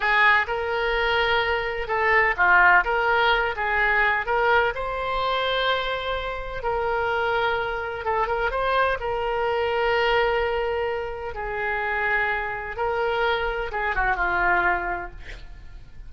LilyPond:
\new Staff \with { instrumentName = "oboe" } { \time 4/4 \tempo 4 = 127 gis'4 ais'2. | a'4 f'4 ais'4. gis'8~ | gis'4 ais'4 c''2~ | c''2 ais'2~ |
ais'4 a'8 ais'8 c''4 ais'4~ | ais'1 | gis'2. ais'4~ | ais'4 gis'8 fis'8 f'2 | }